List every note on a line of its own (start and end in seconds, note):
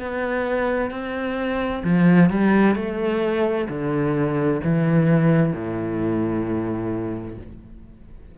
0.00 0.91 B3
0.91 1.83 C4
1.84 2.30 F3
2.30 2.76 G3
2.76 3.68 A3
3.69 4.61 D3
4.64 5.53 E3
5.53 7.38 A2